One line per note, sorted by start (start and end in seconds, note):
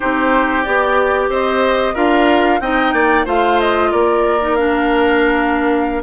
0.00 0.66 C4
0.00 0.65 D#4
0.00 1.30 G4
0.00 0.63 C5
0.63 1.29 B3
0.63 1.95 G4
0.63 1.28 D5
1.29 1.94 C4
1.29 1.93 C5
1.29 1.95 D#5
1.93 2.60 D4
1.93 2.60 F4
1.93 2.59 A#4
1.93 2.60 F5
2.60 2.93 C4
2.60 3.25 D#4
2.60 2.93 D#5
2.60 3.25 G5
2.93 3.25 A#3
2.93 3.25 D5
3.25 3.91 A3
3.25 4.39 F4
3.25 3.90 C5
3.25 3.60 F5
3.60 3.91 D#5
3.91 6.03 A#3
3.91 6.03 A#4
3.91 4.55 D5
4.40 4.57 D#4
4.55 6.03 D4
4.55 6.02 F5